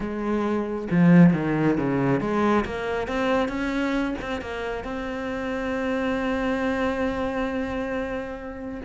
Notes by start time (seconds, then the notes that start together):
0.00 G#3
0.90 F3
1.33 D#3
1.77 C#3
2.20 G#3
2.65 A#3
3.07 C4
3.48 C#4
4.21 C4
4.41 A#3
4.83 C4